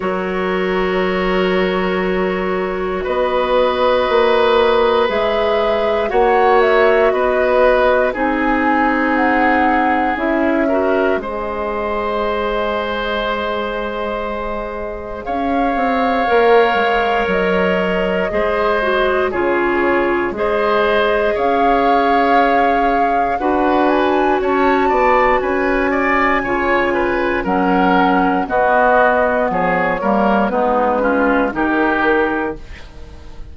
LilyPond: <<
  \new Staff \with { instrumentName = "flute" } { \time 4/4 \tempo 4 = 59 cis''2. dis''4~ | dis''4 e''4 fis''8 e''8 dis''4 | gis''4 fis''4 e''4 dis''4~ | dis''2. f''4~ |
f''4 dis''2 cis''4 | dis''4 f''2 fis''8 gis''8 | a''4 gis''2 fis''4 | dis''4 cis''4 b'4 ais'4 | }
  \new Staff \with { instrumentName = "oboe" } { \time 4/4 ais'2. b'4~ | b'2 cis''4 b'4 | gis'2~ gis'8 ais'8 c''4~ | c''2. cis''4~ |
cis''2 c''4 gis'4 | c''4 cis''2 b'4 | cis''8 d''8 b'8 d''8 cis''8 b'8 ais'4 | fis'4 gis'8 ais'8 dis'8 f'8 g'4 | }
  \new Staff \with { instrumentName = "clarinet" } { \time 4/4 fis'1~ | fis'4 gis'4 fis'2 | dis'2 e'8 fis'8 gis'4~ | gis'1 |
ais'2 gis'8 fis'8 f'4 | gis'2. fis'4~ | fis'2 f'4 cis'4 | b4. ais8 b8 cis'8 dis'4 | }
  \new Staff \with { instrumentName = "bassoon" } { \time 4/4 fis2. b4 | ais4 gis4 ais4 b4 | c'2 cis'4 gis4~ | gis2. cis'8 c'8 |
ais8 gis8 fis4 gis4 cis4 | gis4 cis'2 d'4 | cis'8 b8 cis'4 cis4 fis4 | b4 f8 g8 gis4 dis4 | }
>>